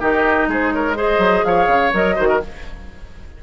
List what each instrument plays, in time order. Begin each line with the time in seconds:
0.00 bassoon D#3, clarinet D#4, oboe G4, flute D#5
0.48 bassoon G#3, oboe G#4, flute C5
0.72 oboe A#4, flute C#5
0.95 clarinet G#4, oboe C5, flute D#5
1.19 bassoon F#3
1.45 bassoon F3, oboe C#5, flute F5
1.67 bassoon C#3
1.93 bassoon F#3, clarinet A#4, flute D#5
2.16 bassoon D#3, clarinet F#4, oboe C5
2.29 oboe A#4